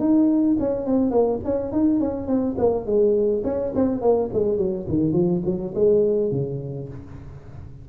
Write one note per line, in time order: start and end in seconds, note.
0.00 0.57 D#4
0.60 0.86 C#4
0.86 1.11 C4
1.11 1.39 A#3
1.44 1.72 C#4
1.72 2.00 D#4
2.00 2.27 C#4
2.27 2.56 C4
2.58 2.86 A#3
2.86 3.44 G#3
3.44 3.73 C#4
3.76 4.02 C4
4.02 4.30 A#3
4.34 4.58 G#3
4.58 4.86 F#3
4.89 5.13 D#3
5.13 5.42 F3
5.45 5.74 F#3
5.75 6.32 G#3
6.32 6.89 C#3